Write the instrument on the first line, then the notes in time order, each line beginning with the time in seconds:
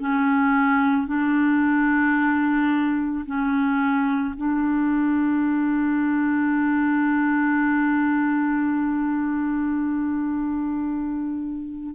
clarinet
0.00 C#4
1.08 D4
3.26 C#4
4.37 D4